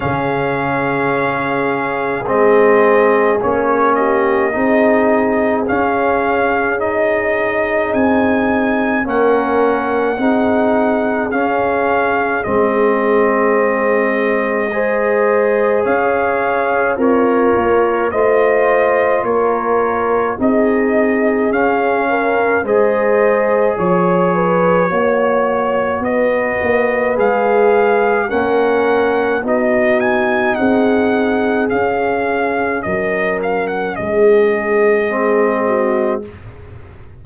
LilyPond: <<
  \new Staff \with { instrumentName = "trumpet" } { \time 4/4 \tempo 4 = 53 f''2 dis''4 cis''8 dis''8~ | dis''4 f''4 dis''4 gis''4 | fis''2 f''4 dis''4~ | dis''2 f''4 cis''4 |
dis''4 cis''4 dis''4 f''4 | dis''4 cis''2 dis''4 | f''4 fis''4 dis''8 gis''8 fis''4 | f''4 dis''8 f''16 fis''16 dis''2 | }
  \new Staff \with { instrumentName = "horn" } { \time 4/4 gis'2.~ gis'8 g'8 | gis'1 | ais'4 gis'2.~ | gis'4 c''4 cis''4 f'4 |
c''4 ais'4 gis'4. ais'8 | c''4 cis''8 b'8 cis''4 b'4~ | b'4 ais'4 fis'4 gis'4~ | gis'4 ais'4 gis'4. fis'8 | }
  \new Staff \with { instrumentName = "trombone" } { \time 4/4 cis'2 c'4 cis'4 | dis'4 cis'4 dis'2 | cis'4 dis'4 cis'4 c'4~ | c'4 gis'2 ais'4 |
f'2 dis'4 cis'4 | gis'2 fis'2 | gis'4 cis'4 dis'2 | cis'2. c'4 | }
  \new Staff \with { instrumentName = "tuba" } { \time 4/4 cis2 gis4 ais4 | c'4 cis'2 c'4 | ais4 c'4 cis'4 gis4~ | gis2 cis'4 c'8 ais8 |
a4 ais4 c'4 cis'4 | gis4 f4 ais4 b8 ais8 | gis4 ais4 b4 c'4 | cis'4 fis4 gis2 | }
>>